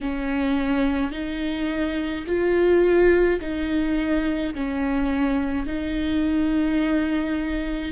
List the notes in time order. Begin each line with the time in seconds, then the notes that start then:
0.00 C#4
1.11 D#4
2.26 F4
3.40 D#4
4.54 C#4
5.66 D#4